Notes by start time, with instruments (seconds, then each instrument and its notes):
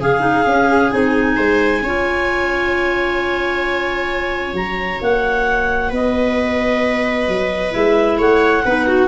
0.00 tuba C#3, viola G#4, clarinet G#4 F5
0.20 clarinet D#4
0.46 tuba C#4, clarinet C#4
0.91 tuba C4, clarinet D#4 G#5
1.36 tuba G#3, viola C5
1.82 tuba C#4, clarinet F4, viola C#5
4.54 tuba F#3, clarinet F#4 A#5
5.01 tuba A#3, clarinet F#5
5.89 tuba B3, viola B4, clarinet D#5
7.28 tuba F#3
7.71 tuba G#3, clarinet E4 E5
8.18 tuba A3, viola C#5, clarinet F#5
8.65 tuba B3, clarinet D#4, viola B4
8.87 viola F#4